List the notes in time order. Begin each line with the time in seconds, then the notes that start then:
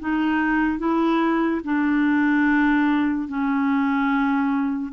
0.00 D#4
0.79 E4
1.64 D4
3.28 C#4